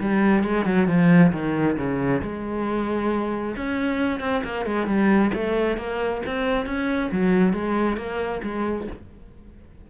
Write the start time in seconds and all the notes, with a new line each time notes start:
0.00 G3
0.43 G#3
0.65 F#3
0.87 F3
1.32 D#3
1.77 C#3
2.22 G#3
3.56 C#4
4.20 C4
4.44 A#3
4.65 G#3
4.87 G3
5.34 A3
5.77 A#3
6.26 C4
6.66 C#4
7.12 F#3
7.53 G#3
7.97 A#3
8.43 G#3